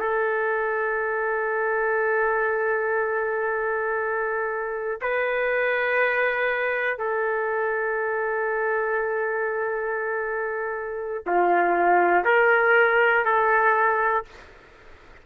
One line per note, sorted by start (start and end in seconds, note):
0.00 5.00 A4
5.02 6.99 B4
6.99 11.24 A4
11.27 12.26 F4
12.26 13.26 A#4
13.26 14.26 A4